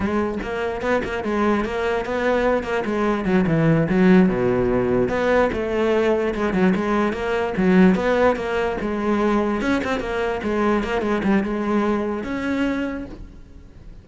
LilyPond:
\new Staff \with { instrumentName = "cello" } { \time 4/4 \tempo 4 = 147 gis4 ais4 b8 ais8 gis4 | ais4 b4. ais8 gis4 | fis8 e4 fis4 b,4.~ | b,8 b4 a2 gis8 |
fis8 gis4 ais4 fis4 b8~ | b8 ais4 gis2 cis'8 | c'8 ais4 gis4 ais8 gis8 g8 | gis2 cis'2 | }